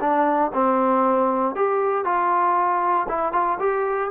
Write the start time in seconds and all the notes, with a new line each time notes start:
0.00 D4
0.54 C4
1.55 G4
2.04 F4
3.08 E4
3.33 F4
3.59 G4